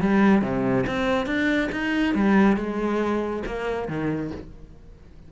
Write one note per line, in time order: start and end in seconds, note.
0.00 0.41 G3
0.41 0.85 C3
0.86 1.26 C4
1.26 1.69 D4
1.71 2.14 D#4
2.14 2.56 G3
2.56 3.43 G#3
3.46 3.88 A#3
3.88 4.31 D#3